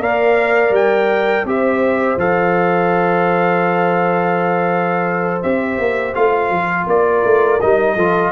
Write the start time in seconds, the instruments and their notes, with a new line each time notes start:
0.00 tuba A#3, trombone A#4, horn D5, trumpet F5
0.70 tuba G3, trumpet G5
1.45 tuba C4, trombone G4, horn C5, trumpet E5
2.17 tuba F3, trombone A4, trumpet F5
5.43 tuba C4, trombone G4, trumpet E5
5.79 tuba A#3
6.15 tuba A3, trombone F4, trumpet F5
6.50 tuba F3
6.87 tuba A#3, horn A#4, trumpet D5
7.25 tuba A3
7.61 tuba G3, trombone D#4, trumpet D#5
7.96 tuba F3, trombone F4, horn A4